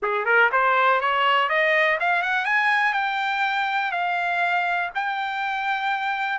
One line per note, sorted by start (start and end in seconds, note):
0.02 0.25 G#4
0.25 0.50 A#4
0.52 1.01 C5
1.01 1.49 C#5
1.49 1.98 D#5
2.00 2.22 F5
2.22 2.45 F#5
2.45 2.93 G#5
2.93 3.91 G5
3.91 4.90 F5
4.94 6.38 G5